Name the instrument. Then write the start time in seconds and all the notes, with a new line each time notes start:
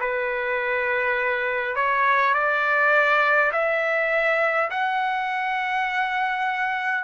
trumpet
0.00 B4
1.76 C#5
2.34 D5
3.52 E5
4.71 F#5